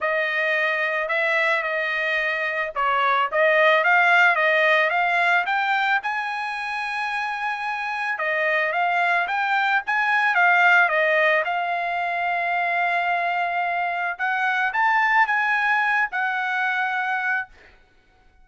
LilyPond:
\new Staff \with { instrumentName = "trumpet" } { \time 4/4 \tempo 4 = 110 dis''2 e''4 dis''4~ | dis''4 cis''4 dis''4 f''4 | dis''4 f''4 g''4 gis''4~ | gis''2. dis''4 |
f''4 g''4 gis''4 f''4 | dis''4 f''2.~ | f''2 fis''4 a''4 | gis''4. fis''2~ fis''8 | }